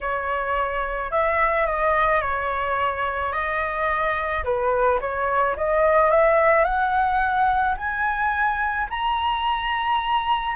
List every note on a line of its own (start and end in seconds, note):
0.00 1.11 C#5
1.11 1.66 E5
1.66 2.21 D#5
2.21 3.32 C#5
3.32 4.43 D#5
4.44 4.99 B4
5.00 5.56 C#5
5.56 6.10 D#5
6.10 6.64 E5
6.64 7.75 F#5
7.76 8.87 G#5
8.89 10.56 A#5